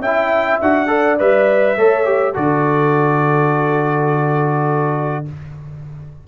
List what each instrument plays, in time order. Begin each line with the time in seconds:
0.00 tuba C#4, horn E5, trumpet G5
0.06 trombone E4
0.61 tuba D4, trombone F#4, trumpet F#5
0.88 trombone A4, horn D5
1.19 tuba G3, trombone B4, trumpet E5
1.77 tuba A3, trombone A4, horn C#5
2.05 trombone G4
2.33 tuba D3, trombone F#4, horn A4, trumpet D5